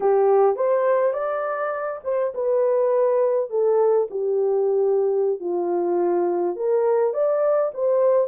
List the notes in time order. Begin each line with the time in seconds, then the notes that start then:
0.00 G4
0.56 C5
1.13 D5
2.04 C5
2.34 B4
3.50 A4
4.10 G4
5.39 F4
6.56 A#4
7.13 D5
7.73 C5